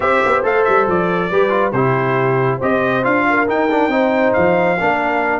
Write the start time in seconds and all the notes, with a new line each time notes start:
0.00 C4 G4 C5 E5
0.25 B3
0.43 A3 A4 F5
0.64 G3 E5
0.87 F3 D5
1.30 G3 G4 B4
1.49 F4
1.71 C3 E4 G4 C5
2.58 C4 G4 C5 D#5
3.03 D4 F4 F5
3.29 A#4
3.47 D#4 G5
3.70 D4
3.88 C4 D#4 C5
4.33 F3 F5
4.79 A#3 D4 A#4